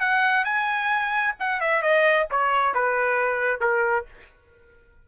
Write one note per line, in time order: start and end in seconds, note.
0.00 0.45 F#5
0.45 1.35 G#5
1.40 1.61 F#5
1.61 1.82 E5
1.82 2.27 D#5
2.31 2.74 C#5
2.74 3.61 B4
3.61 4.06 A#4